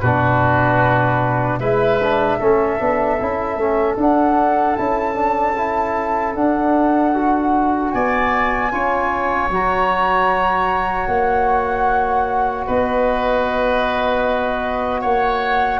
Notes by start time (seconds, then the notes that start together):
0.00 B2 D4 F#4 B4
1.59 G#3 E4 B4 E5
2.03 D4
2.38 A3 C#4 A4
2.79 B3 D4
3.20 C#4 E4
3.56 A3 C#4
3.97 D4 F#5
4.76 C#4 E4 A5
5.15 D4
5.57 E4
6.35 D4 F#5
7.14 F#4
7.91 B3 D5 G#5
8.71 C#4 F4 C#5
9.49 F#3 F#4 A#5
11.07 A#3 F#5
12.66 B3 B4 D#5
15.01 A#3 C#5 F#5